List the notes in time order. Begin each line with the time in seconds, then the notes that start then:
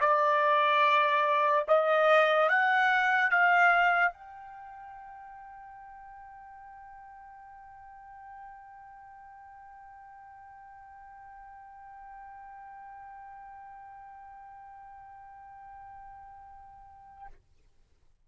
0.00 D5
1.68 D#5
2.49 F#5
3.31 F5
4.12 G5